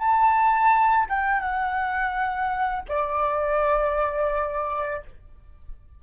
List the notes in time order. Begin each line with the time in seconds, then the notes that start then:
0.00 A5
1.10 G5
1.41 F#5
2.89 D5